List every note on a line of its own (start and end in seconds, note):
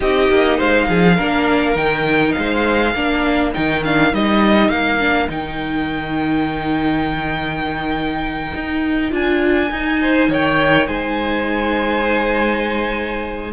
0.00 0.30 C4
0.00 1.18 D#4
0.00 0.57 G4
0.00 0.60 D#5
0.30 0.59 A#3
0.57 0.88 G#3
0.57 0.86 C5
0.57 1.77 F5
0.88 1.18 F3
0.88 1.16 G#4
1.16 1.75 A#3
1.16 1.75 D4
1.16 2.34 A#4
1.75 2.34 D#3
1.75 2.93 D#4
1.75 2.32 G5
2.32 2.94 G#3
2.32 3.50 F5
2.39 2.94 C5
2.94 3.53 A#3
2.94 3.54 D4
2.94 10.00 A#4
3.54 4.12 D#3
3.54 3.83 D#4
3.54 3.83 G5
3.84 4.13 D4
3.84 4.13 F5
4.12 4.69 G3
4.12 4.99 D#4
4.12 4.69 D#5
4.69 5.28 A#3
4.69 5.28 F5
4.99 5.28 D4
5.28 8.52 D#3
5.28 9.10 D#4
5.28 9.13 G5
8.54 9.12 D#4
9.10 9.70 D4
9.10 9.68 F4
9.10 10.32 G#5
9.71 10.28 D#4
9.71 13.53 D#4
10.01 10.29 C5
10.28 10.87 D#3
10.28 10.87 C#5
10.28 10.87 G5
10.87 13.52 G#3
10.87 13.52 C5
10.87 13.51 G#5